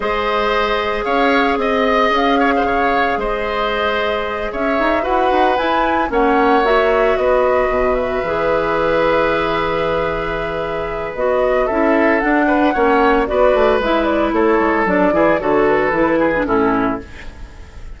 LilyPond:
<<
  \new Staff \with { instrumentName = "flute" } { \time 4/4 \tempo 4 = 113 dis''2 f''4 dis''4 | f''2 dis''2~ | dis''8 e''4 fis''4 gis''4 fis''8~ | fis''8 e''4 dis''4. e''4~ |
e''1~ | e''4 dis''4 e''4 fis''4~ | fis''4 d''4 e''8 d''8 cis''4 | d''4 cis''8 b'4. a'4 | }
  \new Staff \with { instrumentName = "oboe" } { \time 4/4 c''2 cis''4 dis''4~ | dis''8 cis''16 c''16 cis''4 c''2~ | c''8 cis''4 b'2 cis''8~ | cis''4. b'2~ b'8~ |
b'1~ | b'2 a'4. b'8 | cis''4 b'2 a'4~ | a'8 gis'8 a'4. gis'8 e'4 | }
  \new Staff \with { instrumentName = "clarinet" } { \time 4/4 gis'1~ | gis'1~ | gis'4. fis'4 e'4 cis'8~ | cis'8 fis'2. gis'8~ |
gis'1~ | gis'4 fis'4 e'4 d'4 | cis'4 fis'4 e'2 | d'8 e'8 fis'4 e'8. d'16 cis'4 | }
  \new Staff \with { instrumentName = "bassoon" } { \time 4/4 gis2 cis'4 c'4 | cis'4 cis4 gis2~ | gis8 cis'8 dis'8 e'8 dis'8 e'4 ais8~ | ais4. b4 b,4 e8~ |
e1~ | e4 b4 cis'4 d'4 | ais4 b8 a8 gis4 a8 gis8 | fis8 e8 d4 e4 a,4 | }
>>